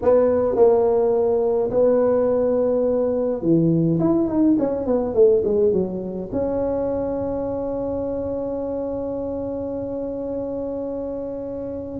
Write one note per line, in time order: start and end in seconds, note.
0.02 0.55 B3
0.55 1.70 A#3
1.70 3.42 B3
3.42 3.99 E3
3.99 4.28 E4
4.28 4.56 D#4
4.58 4.85 C#4
4.85 5.14 B3
5.14 5.42 A3
5.44 5.72 G#3
5.72 6.29 F#3
6.31 11.99 C#4